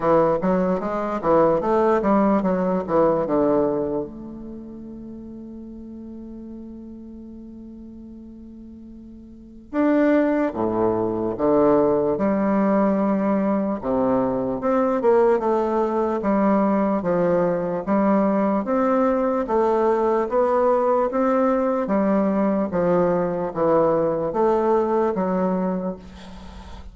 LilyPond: \new Staff \with { instrumentName = "bassoon" } { \time 4/4 \tempo 4 = 74 e8 fis8 gis8 e8 a8 g8 fis8 e8 | d4 a2.~ | a1 | d'4 a,4 d4 g4~ |
g4 c4 c'8 ais8 a4 | g4 f4 g4 c'4 | a4 b4 c'4 g4 | f4 e4 a4 fis4 | }